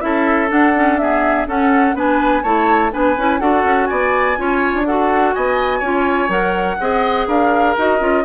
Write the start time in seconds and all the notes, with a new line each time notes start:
0.00 C#4 E4 A4 E5
0.48 D4 F#5
0.75 C#4
0.98 B3 G#4 E5
1.47 C#4 A4 F#5
1.94 B3 D4 B4 G#5
2.43 A3 E4 C#5 A5
2.91 B3 D4 B4 G#5
3.17 C#4 E4
3.39 D4 F#4 A4 F#5
3.64 C#4
3.86 B3 D5 G#5
4.37 C#4 F4 C#5
4.74 D4
4.86 F#4 A4 F#5
5.34 B3 D#5 G#5
5.79 C#4 F4 C#5
6.29 F#3 A#4 F#5
6.80 C4 G#4 D#5
7.27 D4 A#4 F5
7.77 D#4 F#4 D#5
8.00 C#4 F4